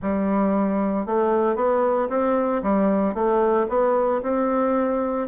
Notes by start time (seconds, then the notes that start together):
0.01 G3
1.06 A3
1.55 B3
2.09 C4
2.62 G3
3.14 A3
3.68 B3
4.22 C4